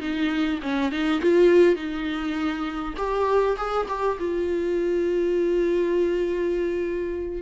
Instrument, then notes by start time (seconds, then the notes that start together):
viola
0.00 D#4
0.62 C#4
0.91 D#4
1.21 F4
1.75 D#4
2.97 G4
3.57 G#4
3.88 G4
4.19 F4